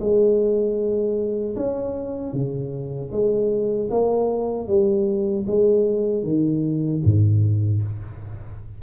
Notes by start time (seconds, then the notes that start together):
0.00 G#3
1.56 C#4
2.33 C#3
3.12 G#3
3.90 A#3
4.68 G3
5.47 G#3
6.23 D#3
7.04 G#2